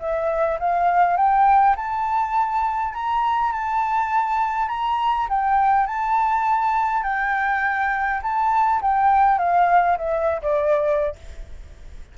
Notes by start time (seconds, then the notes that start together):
0.00 E5
0.60 F5
1.17 G5
1.76 A5
2.94 A#5
3.52 A5
4.69 A#5
5.30 G5
5.87 A5
7.04 G5
8.23 A5
8.82 G5
9.39 F5
9.98 E5
10.42 D5